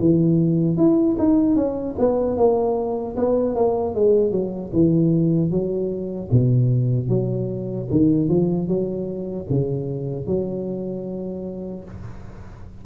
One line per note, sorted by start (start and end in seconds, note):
0.00 0.77 E3
0.77 1.16 E4
1.18 1.56 D#4
1.56 1.96 C#4
1.99 2.37 B3
2.37 3.16 A#3
3.16 3.56 B3
3.56 3.95 A#3
3.95 4.32 G#3
4.32 4.71 F#3
4.73 5.50 E3
5.50 6.29 F#3
6.31 7.09 B2
7.09 7.88 F#3
7.91 8.29 D#3
8.29 8.68 F3
8.68 9.47 F#3
9.50 10.27 C#3
10.27 11.85 F#3